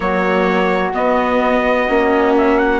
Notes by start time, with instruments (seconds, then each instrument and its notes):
0.00 bassoon F#3, viola A#3, flute F#4, trumpet C#5
0.94 viola B3, bassoon B3, trumpet D#5
1.88 bassoon A#3, viola C#4
2.37 trumpet E5
2.58 trumpet F#5